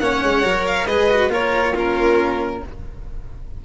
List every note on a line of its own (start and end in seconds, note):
0.00 0.22 A#3
0.00 0.43 C#4
0.00 0.87 C#5
0.00 0.66 F#5
0.23 0.44 G#3
0.43 0.86 F#3
0.43 0.87 A#4
0.67 0.87 F5
0.86 1.29 G#3
0.86 1.10 G#4
0.86 1.31 B4
0.86 1.31 D#5
1.10 1.31 F#4
1.29 2.60 A#3
1.29 1.75 F4
1.29 1.73 A#4
1.29 1.77 C#5
1.73 2.63 C#4
1.73 2.61 F4
1.73 2.65 A#4